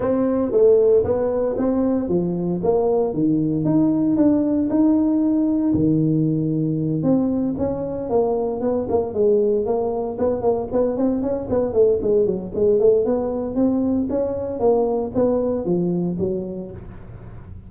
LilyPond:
\new Staff \with { instrumentName = "tuba" } { \time 4/4 \tempo 4 = 115 c'4 a4 b4 c'4 | f4 ais4 dis4 dis'4 | d'4 dis'2 dis4~ | dis4. c'4 cis'4 ais8~ |
ais8 b8 ais8 gis4 ais4 b8 | ais8 b8 c'8 cis'8 b8 a8 gis8 fis8 | gis8 a8 b4 c'4 cis'4 | ais4 b4 f4 fis4 | }